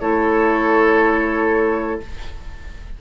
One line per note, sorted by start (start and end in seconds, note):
0.00 2.01 A3
0.00 2.01 E4
0.00 2.01 A4
0.00 2.00 C#5